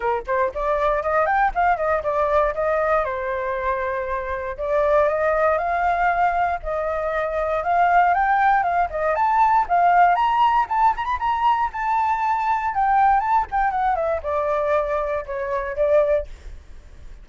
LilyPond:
\new Staff \with { instrumentName = "flute" } { \time 4/4 \tempo 4 = 118 ais'8 c''8 d''4 dis''8 g''8 f''8 dis''8 | d''4 dis''4 c''2~ | c''4 d''4 dis''4 f''4~ | f''4 dis''2 f''4 |
g''4 f''8 dis''8 a''4 f''4 | ais''4 a''8 ais''16 b''16 ais''4 a''4~ | a''4 g''4 a''8 g''8 fis''8 e''8 | d''2 cis''4 d''4 | }